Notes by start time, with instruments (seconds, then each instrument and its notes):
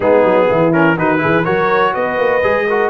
0.00 tuba G#3, trombone B3, horn D#4, trumpet G#4
0.23 tuba F#3
0.49 tuba E3, horn E4
0.72 trombone C#4, trumpet A#4
0.97 tuba D#3, trombone D#4, horn F#4, trumpet B4
1.18 trombone E4, horn G#4
1.24 tuba E3
1.44 tuba F#3, trombone F#4, horn A#4, trumpet C#5
1.93 tuba B3, horn B4, trumpet D#5
2.18 tuba A#3
2.43 tuba G#3, trombone G#4
2.67 trombone F#4, horn A#4